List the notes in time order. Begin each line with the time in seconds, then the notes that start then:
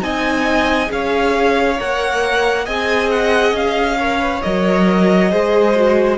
0.00 C4 D#4 D#5 G#5
0.86 C#4 G#4 C#5 F5
1.78 A#3 A#4 F#5
2.65 C4 G#4 D#5 G#5
3.11 F#5
3.52 C#4 F5
3.99 A#4 C#5
4.19 B4
4.42 F#3 A#4 D#5
5.29 G#3 G#4 C5
5.75 F#4